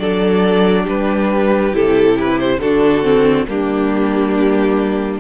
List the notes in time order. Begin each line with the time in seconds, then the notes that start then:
0.00 F#3 D4 A4 D5
0.84 G3 G4 B4
1.73 C3 E4 A4
2.20 B4
2.39 C5
2.60 D3 D4 F#4 A4
3.03 C4
3.48 G3 A#3 D4 G4